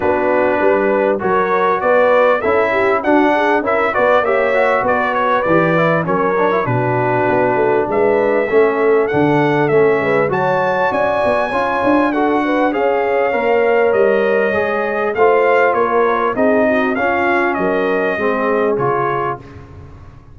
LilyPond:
<<
  \new Staff \with { instrumentName = "trumpet" } { \time 4/4 \tempo 4 = 99 b'2 cis''4 d''4 | e''4 fis''4 e''8 d''8 e''4 | d''8 cis''8 d''4 cis''4 b'4~ | b'4 e''2 fis''4 |
e''4 a''4 gis''2 | fis''4 f''2 dis''4~ | dis''4 f''4 cis''4 dis''4 | f''4 dis''2 cis''4 | }
  \new Staff \with { instrumentName = "horn" } { \time 4/4 fis'4 b'4 ais'4 b'4 | a'8 g'8 fis'8 gis'8 ais'8 b'8 cis''4 | b'2 ais'4 fis'4~ | fis'4 b'4 a'2~ |
a'8 b'8 cis''4 d''4 cis''4 | a'8 b'8 cis''2.~ | cis''4 c''4 ais'4 gis'8 fis'8 | f'4 ais'4 gis'2 | }
  \new Staff \with { instrumentName = "trombone" } { \time 4/4 d'2 fis'2 | e'4 d'4 e'8 fis'8 g'8 fis'8~ | fis'4 g'8 e'8 cis'8 d'16 e'16 d'4~ | d'2 cis'4 d'4 |
cis'4 fis'2 f'4 | fis'4 gis'4 ais'2 | gis'4 f'2 dis'4 | cis'2 c'4 f'4 | }
  \new Staff \with { instrumentName = "tuba" } { \time 4/4 b4 g4 fis4 b4 | cis'4 d'4 cis'8 b8 ais4 | b4 e4 fis4 b,4 | b8 a8 gis4 a4 d4 |
a8 gis8 fis4 cis'8 b8 cis'8 d'8~ | d'4 cis'4 ais4 g4 | gis4 a4 ais4 c'4 | cis'4 fis4 gis4 cis4 | }
>>